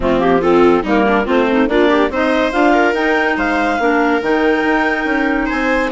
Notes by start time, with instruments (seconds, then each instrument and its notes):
0.00 bassoon F3, clarinet A3 F4, viola C4
0.19 clarinet A#3 G4
0.41 clarinet C4 A4, viola F4
0.83 bassoon G3, clarinet A#3 A#4, viola D#4
1.07 viola D4
1.25 bassoon A3, viola C4, clarinet F4 C5
1.51 clarinet D#4
1.67 bassoon A#3, clarinet D4 D5, viola F4
1.89 viola G4
2.10 bassoon C4, clarinet D#4 D#5, viola C5
2.51 bassoon D4, clarinet F4 F5
2.73 viola A#4
2.93 bassoon D#4, clarinet D#4 G5
3.37 bassoon G#3, viola C5, clarinet F5
3.78 bassoon A#3, clarinet D4, viola A#4
4.22 bassoon D#3, clarinet D#4 G5
4.64 bassoon D#4
5.05 bassoon C#4
5.46 bassoon C4, viola C5, clarinet G#5